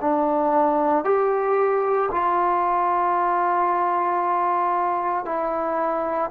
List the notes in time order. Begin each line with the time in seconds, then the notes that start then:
0.00 D4
1.04 G4
2.11 F4
5.25 E4